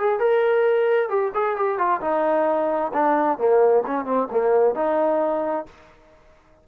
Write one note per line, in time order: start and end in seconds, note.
0.00 0.19 G#4
0.19 1.09 A#4
1.09 1.32 G4
1.35 1.56 G#4
1.56 1.78 G4
1.78 2.01 F4
2.01 2.92 D#4
2.93 3.38 D4
3.38 3.84 A#3
3.87 4.05 C#4
4.05 4.28 C4
4.31 4.75 A#3
4.75 5.66 D#4